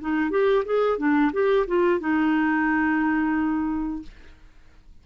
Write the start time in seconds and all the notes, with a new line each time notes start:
0.00 D#4
0.30 G4
0.65 G#4
0.97 D4
1.32 G4
1.67 F4
1.99 D#4